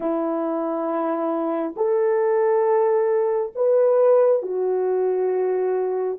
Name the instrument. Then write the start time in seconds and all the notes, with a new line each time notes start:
horn
0.00 E4
1.76 A4
3.55 B4
4.42 F#4